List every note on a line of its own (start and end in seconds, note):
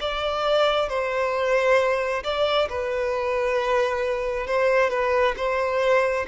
0.00 0.88 D5
0.88 2.23 C5
2.23 2.68 D5
2.69 4.47 B4
4.47 4.90 C5
4.90 5.34 B4
5.36 6.26 C5